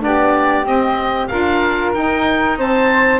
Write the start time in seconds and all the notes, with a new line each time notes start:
0.00 B3 D4 G4 D5
0.65 C4 D#5
1.28 D4 F4 A#4 F5
1.94 D#4 G5
2.58 C4 C5 A5